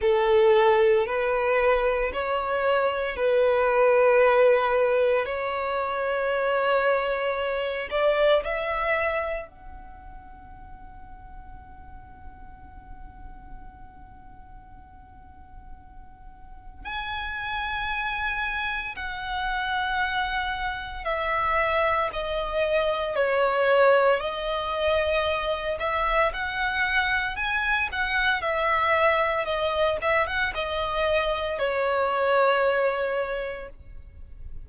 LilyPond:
\new Staff \with { instrumentName = "violin" } { \time 4/4 \tempo 4 = 57 a'4 b'4 cis''4 b'4~ | b'4 cis''2~ cis''8 d''8 | e''4 fis''2.~ | fis''1 |
gis''2 fis''2 | e''4 dis''4 cis''4 dis''4~ | dis''8 e''8 fis''4 gis''8 fis''8 e''4 | dis''8 e''16 fis''16 dis''4 cis''2 | }